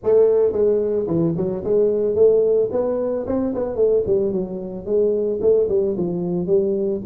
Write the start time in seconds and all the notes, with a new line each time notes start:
0.03 A3
0.52 G#3
1.07 E3
1.36 F#3
1.64 G#3
2.15 A3
2.71 B3
3.26 C4
3.54 B3
3.75 A3
4.06 G3
4.32 F#3
4.85 G#3
5.41 A3
5.69 G3
5.97 F3
6.46 G3